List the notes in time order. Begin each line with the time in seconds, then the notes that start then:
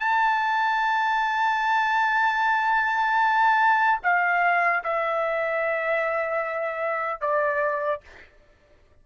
0.00 A5
4.03 F5
4.84 E5
7.21 D5